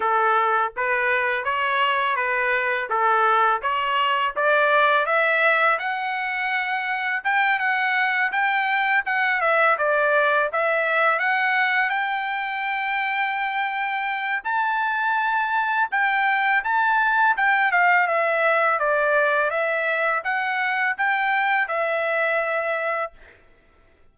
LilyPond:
\new Staff \with { instrumentName = "trumpet" } { \time 4/4 \tempo 4 = 83 a'4 b'4 cis''4 b'4 | a'4 cis''4 d''4 e''4 | fis''2 g''8 fis''4 g''8~ | g''8 fis''8 e''8 d''4 e''4 fis''8~ |
fis''8 g''2.~ g''8 | a''2 g''4 a''4 | g''8 f''8 e''4 d''4 e''4 | fis''4 g''4 e''2 | }